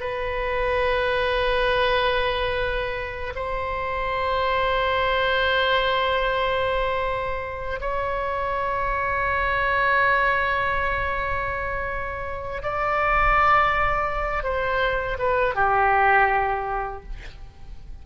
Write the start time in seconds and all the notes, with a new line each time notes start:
0.00 B4
3.35 C5
7.80 C#5
12.62 D5
14.43 C5
15.19 B4
15.55 G4